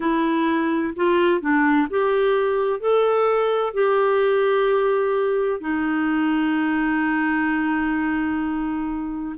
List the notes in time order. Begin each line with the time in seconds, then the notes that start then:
0.00 E4
0.96 F4
1.40 D4
1.90 G4
2.80 A4
3.73 G4
5.60 D#4